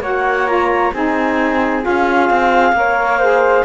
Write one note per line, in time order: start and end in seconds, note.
0.00 0.91 A#3
0.00 0.47 F#4
0.00 0.92 C#5
0.00 0.47 F#5
0.47 0.92 F4
0.47 0.92 A#5
0.93 1.84 C4
0.93 1.82 D#4
0.93 2.75 G#4
0.93 1.84 G#5
1.82 2.30 C#4
1.82 2.73 F4
1.82 3.65 F5
2.30 2.72 C4
2.72 3.63 A#3
2.72 3.20 A#4
2.72 3.19 C#5
3.19 3.65 G#4
3.19 3.64 C5